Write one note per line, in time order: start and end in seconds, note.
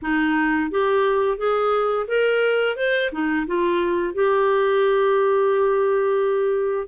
0.02 0.71 D#4
0.71 1.37 G4
1.37 2.06 G#4
2.07 2.76 A#4
2.76 3.10 C5
3.12 3.46 D#4
3.46 4.14 F4
4.14 6.87 G4